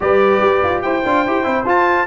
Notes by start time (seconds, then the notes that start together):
0.00 G3 G4 B4 D5
0.41 G4
0.63 F4
0.82 E4 C5 G5
1.05 D4 F4
1.26 E4 G4
1.43 C4 E4
1.64 F4 A5